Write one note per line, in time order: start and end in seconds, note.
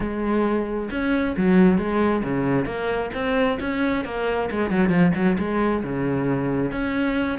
0.00 0.89 G#3
0.91 1.35 C#4
1.36 1.77 F#3
1.77 2.22 G#3
2.23 2.65 C#3
2.65 3.10 A#3
3.14 3.58 C4
3.60 4.04 C#4
4.04 4.49 A#3
4.51 4.70 G#3
4.70 4.89 F#3
4.89 5.11 F3
5.14 5.37 F#3
5.38 5.83 G#3
5.83 6.71 C#3
6.71 7.38 C#4